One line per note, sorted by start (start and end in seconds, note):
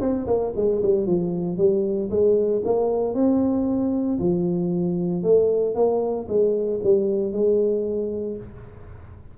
0.00 0.26 C4
0.26 0.52 A#3
0.56 0.82 G#3
0.82 1.06 G3
1.06 1.57 F3
1.57 2.10 G3
2.10 2.62 G#3
2.65 3.14 A#3
3.14 4.18 C4
4.19 5.23 F3
5.23 5.75 A3
5.75 6.27 A#3
6.28 6.80 G#3
6.83 7.33 G3
7.33 8.37 G#3